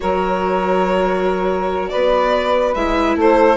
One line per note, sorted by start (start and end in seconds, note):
0.00 1.93 F#3
0.00 2.74 F#4
0.00 1.91 A#4
0.00 1.89 C#5
1.89 2.75 B3
1.89 3.17 B4
1.89 2.74 D5
2.74 3.15 G#3
2.74 3.57 E4
2.74 3.16 E5
3.15 3.57 A3
3.15 3.57 A4
3.15 3.57 C5